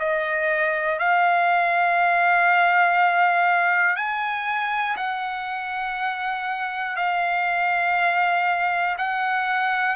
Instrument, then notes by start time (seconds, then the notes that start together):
trumpet
0.00 D#5
0.99 F5
3.96 G#5
4.97 F#5
6.97 F5
8.98 F#5